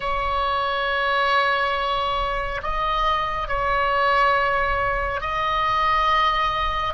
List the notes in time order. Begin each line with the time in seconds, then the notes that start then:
0.00 C#5
2.62 D#5
3.48 C#5
5.20 D#5